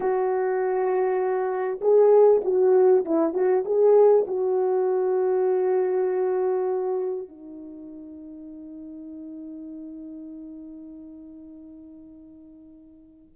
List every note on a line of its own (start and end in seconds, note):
0.00 1.80 F#4
1.81 2.41 G#4
2.44 3.05 F#4
3.05 3.33 E4
3.33 3.64 F#4
3.65 4.25 G#4
4.27 7.28 F#4
7.28 13.34 D#4